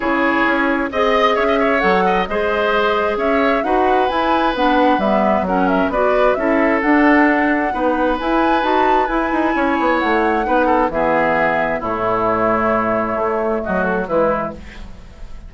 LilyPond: <<
  \new Staff \with { instrumentName = "flute" } { \time 4/4 \tempo 4 = 132 cis''2 dis''4 e''4 | fis''4 dis''2 e''4 | fis''4 gis''4 fis''4 e''4 | fis''8 e''8 d''4 e''4 fis''4~ |
fis''2 gis''4 a''4 | gis''2 fis''2 | e''2 cis''2~ | cis''2 dis''8 a'8 b'4 | }
  \new Staff \with { instrumentName = "oboe" } { \time 4/4 gis'2 dis''4 cis''16 dis''16 cis''8~ | cis''8 dis''8 c''2 cis''4 | b'1 | ais'4 b'4 a'2~ |
a'4 b'2.~ | b'4 cis''2 b'8 a'8 | gis'2 e'2~ | e'2 fis'4 e'4 | }
  \new Staff \with { instrumentName = "clarinet" } { \time 4/4 e'2 gis'2 | a'4 gis'2. | fis'4 e'4 d'4 b4 | cis'4 fis'4 e'4 d'4~ |
d'4 dis'4 e'4 fis'4 | e'2. dis'4 | b2 a2~ | a2. gis4 | }
  \new Staff \with { instrumentName = "bassoon" } { \time 4/4 cis4 cis'4 c'4 cis'4 | fis4 gis2 cis'4 | dis'4 e'4 b4 g4 | fis4 b4 cis'4 d'4~ |
d'4 b4 e'4 dis'4 | e'8 dis'8 cis'8 b8 a4 b4 | e2 a,2~ | a,4 a4 fis4 e4 | }
>>